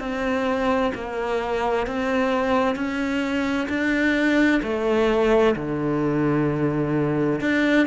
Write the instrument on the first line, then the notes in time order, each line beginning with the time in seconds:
cello
0.00 C4
0.95 A#3
1.87 C4
2.76 C#4
3.69 D4
4.64 A3
5.56 D3
7.41 D4